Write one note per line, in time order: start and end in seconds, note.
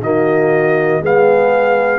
0.00 1.00 D#3
0.00 1.02 A#3
0.00 1.02 F#4
0.00 1.03 D#5
1.02 2.00 G#3
1.02 2.00 B3
1.02 2.00 G#4
1.02 2.00 F5